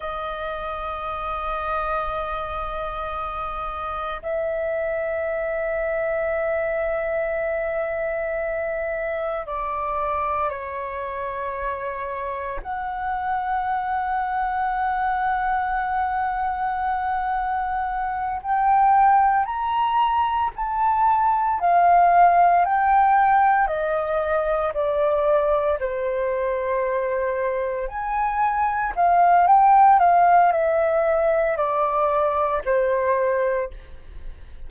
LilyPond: \new Staff \with { instrumentName = "flute" } { \time 4/4 \tempo 4 = 57 dis''1 | e''1~ | e''4 d''4 cis''2 | fis''1~ |
fis''4. g''4 ais''4 a''8~ | a''8 f''4 g''4 dis''4 d''8~ | d''8 c''2 gis''4 f''8 | g''8 f''8 e''4 d''4 c''4 | }